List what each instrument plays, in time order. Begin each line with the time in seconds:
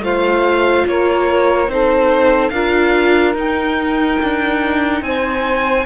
0.00 cello A3, viola F4, saxophone C5, violin F5
0.86 cello A#3, saxophone A#4, violin C#5
1.67 cello C4, viola D#4, saxophone A4, violin C5
2.49 cello D4, viola F4, saxophone A#4, violin F5
3.34 cello D#4, viola D#4, violin G5
4.22 cello D4
5.01 cello C4, saxophone C5, violin G#5